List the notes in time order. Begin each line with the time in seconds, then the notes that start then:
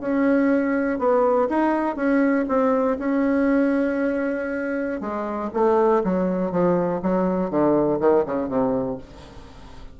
0.00 C#4
0.99 B3
1.49 D#4
1.96 C#4
2.48 C4
2.98 C#4
5.01 G#3
5.53 A3
6.04 F#3
6.51 F3
7.02 F#3
7.50 D3
7.99 D#3
8.25 C#3
8.48 C3